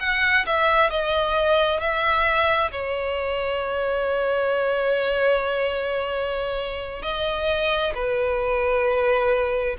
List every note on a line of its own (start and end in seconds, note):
0.00 0.45 F#5
0.46 0.90 E5
0.90 1.80 D#5
1.80 2.71 E5
2.71 7.02 C#5
7.02 7.93 D#5
7.95 9.76 B4